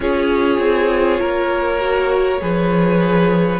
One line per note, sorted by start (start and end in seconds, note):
0.00 0.58 C#4
0.00 1.79 F4
0.00 1.20 G#4
0.00 3.59 C#5
0.58 1.18 C4
1.20 2.41 A#3
1.20 2.40 A#4
1.79 2.39 F#4
2.41 3.59 F3
2.41 3.59 G#4
2.41 3.59 B4